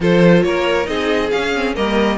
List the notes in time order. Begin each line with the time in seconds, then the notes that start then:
0.00 F3 F4 A4 C5
0.42 A#3 A#4 C#5
0.84 C4 D#4 G#4 D#5
1.30 C#4 F5
1.55 C4
1.75 G3 A#3 A#4 D#5